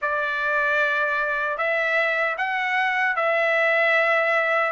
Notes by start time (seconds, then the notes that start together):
0.01 D5
1.57 E5
2.37 F#5
3.16 E5